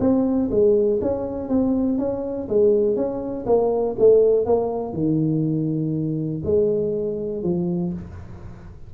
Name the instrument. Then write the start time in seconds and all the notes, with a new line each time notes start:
tuba
0.00 C4
0.51 G#3
1.01 C#4
1.49 C4
1.98 C#4
2.49 G#3
2.96 C#4
3.46 A#3
3.99 A3
4.46 A#3
4.93 D#3
6.45 G#3
7.43 F3